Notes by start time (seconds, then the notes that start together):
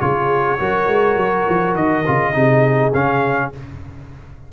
0.00 C#3 F4 G#4 C#5
0.59 F#3 F#4 A#4
0.87 G#3
1.16 F#3
1.49 F3
1.74 D#3 D#5
2.06 C#3 F4
2.32 C3 D#4 G#4
2.93 C#3 C#4 F5